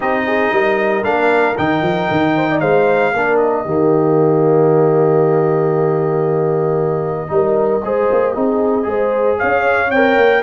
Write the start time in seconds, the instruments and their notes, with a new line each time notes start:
0.00 tuba C4, trombone D#4, horn G4, trumpet D#5
0.26 horn G#4
0.51 tuba G3, horn A#4
1.02 tuba A#3, trombone D4, trumpet F5
1.57 tuba D#3, trombone D#4, trumpet G5
1.82 tuba F3
2.10 tuba D#3
2.35 horn C5
2.51 horn D5
2.60 tuba G#3, horn C5, trumpet F5
3.13 tuba A#3, trombone D4, horn A#4
3.36 trumpet D#5
3.64 tuba D#3, trombone A#3, horn G4
7.27 tuba G3, trombone D#4, horn A#4
7.84 tuba G#3, trombone G#4, horn C5
8.11 tuba A#3
8.33 tuba C4, trombone D#4, horn G#4
8.82 tuba G#3, trombone G#4
8.88 horn C5
9.38 tuba C#4, horn C#5, trumpet F5
9.90 tuba C4, trombone A#4, trumpet G5
10.16 tuba A#3